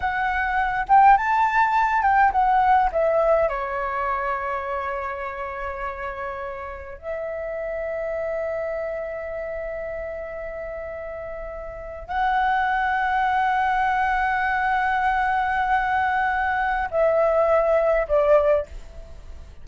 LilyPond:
\new Staff \with { instrumentName = "flute" } { \time 4/4 \tempo 4 = 103 fis''4. g''8 a''4. g''8 | fis''4 e''4 cis''2~ | cis''1 | e''1~ |
e''1~ | e''8. fis''2.~ fis''16~ | fis''1~ | fis''4 e''2 d''4 | }